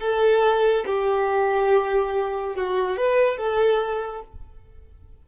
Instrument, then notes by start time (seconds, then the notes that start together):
violin
0.00 A4
0.86 G4
2.56 F#4
2.97 B4
3.38 A4